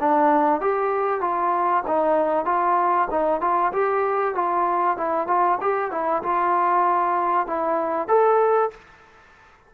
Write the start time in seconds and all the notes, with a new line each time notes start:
0.00 D4
0.61 G4
1.21 F4
1.88 D#4
2.45 F4
3.10 D#4
3.41 F4
3.72 G4
4.35 F4
4.97 E4
5.27 F4
5.61 G4
5.91 E4
6.23 F4
7.47 E4
8.08 A4